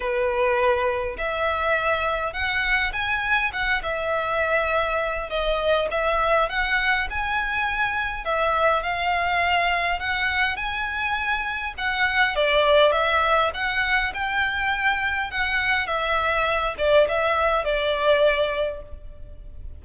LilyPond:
\new Staff \with { instrumentName = "violin" } { \time 4/4 \tempo 4 = 102 b'2 e''2 | fis''4 gis''4 fis''8 e''4.~ | e''4 dis''4 e''4 fis''4 | gis''2 e''4 f''4~ |
f''4 fis''4 gis''2 | fis''4 d''4 e''4 fis''4 | g''2 fis''4 e''4~ | e''8 d''8 e''4 d''2 | }